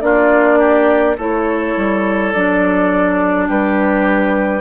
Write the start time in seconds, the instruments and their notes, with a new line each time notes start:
0.00 bassoon A#3, clarinet D4, oboe F4, flute D5
0.58 oboe G4
1.16 bassoon A3, clarinet E4, oboe A4, flute C#5
1.76 bassoon G3
2.32 bassoon F#3, clarinet D4, flute D5
3.47 bassoon G3, oboe G4, flute B4